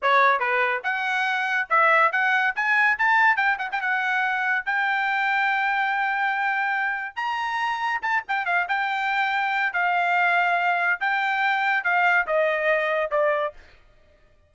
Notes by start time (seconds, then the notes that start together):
0.02 C#5
0.39 B4
0.83 F#5
1.69 E5
2.12 F#5
2.55 G#5
2.98 A5
3.36 G5
3.58 F#5
3.71 G5
3.81 F#5
4.65 G5
7.15 A#5
8.02 A5
8.28 G5
8.45 F5
8.68 G5
9.73 F5
11.00 G5
11.84 F5
12.26 D#5
13.10 D5